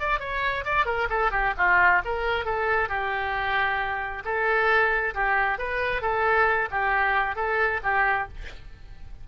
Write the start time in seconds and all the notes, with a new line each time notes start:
0.00 D5
0.20 C#5
0.65 D5
0.86 A#4
1.10 A4
1.31 G4
1.58 F4
2.05 A#4
2.46 A4
2.89 G4
4.25 A4
5.15 G4
5.59 B4
6.02 A4
6.71 G4
7.36 A4
7.84 G4